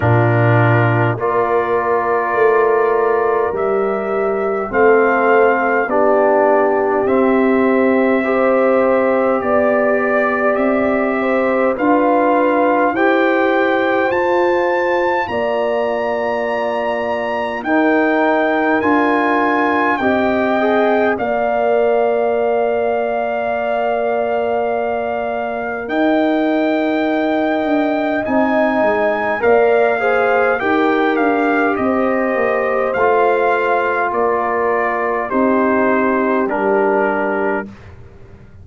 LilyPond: <<
  \new Staff \with { instrumentName = "trumpet" } { \time 4/4 \tempo 4 = 51 ais'4 d''2 e''4 | f''4 d''4 e''2 | d''4 e''4 f''4 g''4 | a''4 ais''2 g''4 |
gis''4 g''4 f''2~ | f''2 g''2 | gis''4 f''4 g''8 f''8 dis''4 | f''4 d''4 c''4 ais'4 | }
  \new Staff \with { instrumentName = "horn" } { \time 4/4 f'4 ais'2. | a'4 g'2 c''4 | d''4. c''8 b'4 c''4~ | c''4 d''2 ais'4~ |
ais'4 dis''4 d''2~ | d''2 dis''2~ | dis''4 d''8 c''8 ais'4 c''4~ | c''4 ais'4 g'2 | }
  \new Staff \with { instrumentName = "trombone" } { \time 4/4 d'4 f'2 g'4 | c'4 d'4 c'4 g'4~ | g'2 f'4 g'4 | f'2. dis'4 |
f'4 g'8 gis'8 ais'2~ | ais'1 | dis'4 ais'8 gis'8 g'2 | f'2 dis'4 d'4 | }
  \new Staff \with { instrumentName = "tuba" } { \time 4/4 ais,4 ais4 a4 g4 | a4 b4 c'2 | b4 c'4 d'4 e'4 | f'4 ais2 dis'4 |
d'4 c'4 ais2~ | ais2 dis'4. d'8 | c'8 gis8 ais4 dis'8 d'8 c'8 ais8 | a4 ais4 c'4 g4 | }
>>